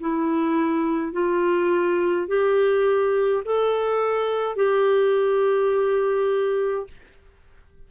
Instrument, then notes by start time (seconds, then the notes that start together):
clarinet
0.00 E4
1.12 F4
2.28 G4
3.45 A4
4.56 G4